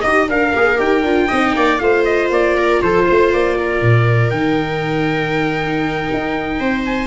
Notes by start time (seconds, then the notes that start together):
0.00 D#4 G4 D#5
0.28 D4 A#4 F5
0.55 A#3 G#4
0.77 D#4 G4 G5
1.03 D4 F4
1.28 C4 D#4 D#5
1.55 A#3 D5
1.78 A3 F4 C5 F5
2.04 D#5
2.30 A#3 D5
2.57 A#4
2.82 F3 A4 C5
3.06 A3 C5
3.33 A#3 D5
3.58 A#4
3.81 A#2
4.30 D#3 D#4 G5
6.13 D#4
6.60 C4 C5
6.85 G#5